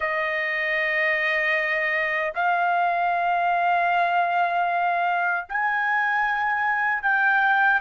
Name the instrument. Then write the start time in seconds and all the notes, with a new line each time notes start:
trumpet
0.00 D#5
2.34 F5
5.48 G#5
7.02 G5